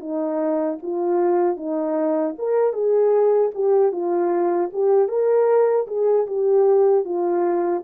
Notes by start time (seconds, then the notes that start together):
0.00 D#4
0.82 F4
1.57 D#4
2.38 A#4
2.73 G#4
3.54 G4
3.92 F4
4.73 G4
5.08 A#4
5.87 G#4
6.27 G4
7.04 F4